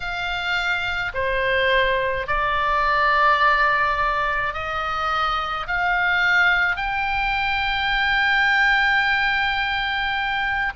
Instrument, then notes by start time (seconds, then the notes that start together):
oboe
0.00 F5
1.14 C5
2.27 D5
4.53 D#5
5.67 F5
6.76 G5